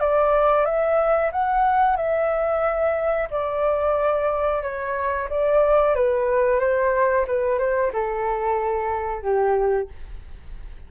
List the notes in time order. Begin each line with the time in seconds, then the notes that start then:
0.00 D5
0.65 E5
1.32 F#5
1.96 E5
3.30 D5
4.62 C#5
5.30 D5
5.95 B4
6.59 C5
7.27 B4
7.59 C5
7.93 A4
9.22 G4